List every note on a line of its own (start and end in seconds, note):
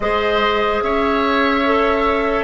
0.00 0.81 G#3
0.00 1.65 G#4
0.00 0.84 C5
0.00 0.82 D#5
0.82 2.44 C#4
0.82 2.44 C#5
0.82 2.44 E5
1.65 2.44 A4